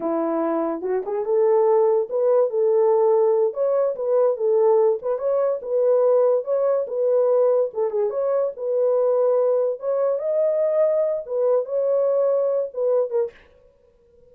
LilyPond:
\new Staff \with { instrumentName = "horn" } { \time 4/4 \tempo 4 = 144 e'2 fis'8 gis'8 a'4~ | a'4 b'4 a'2~ | a'8 cis''4 b'4 a'4. | b'8 cis''4 b'2 cis''8~ |
cis''8 b'2 a'8 gis'8 cis''8~ | cis''8 b'2. cis''8~ | cis''8 dis''2~ dis''8 b'4 | cis''2~ cis''8 b'4 ais'8 | }